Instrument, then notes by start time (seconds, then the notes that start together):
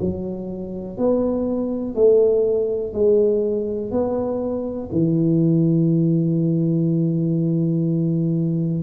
tuba
0.00 F#3
0.98 B3
1.95 A3
2.93 G#3
3.91 B3
4.92 E3